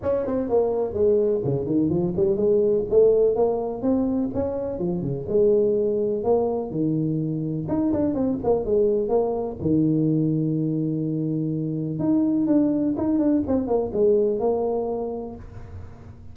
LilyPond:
\new Staff \with { instrumentName = "tuba" } { \time 4/4 \tempo 4 = 125 cis'8 c'8 ais4 gis4 cis8 dis8 | f8 g8 gis4 a4 ais4 | c'4 cis'4 f8 cis8 gis4~ | gis4 ais4 dis2 |
dis'8 d'8 c'8 ais8 gis4 ais4 | dis1~ | dis4 dis'4 d'4 dis'8 d'8 | c'8 ais8 gis4 ais2 | }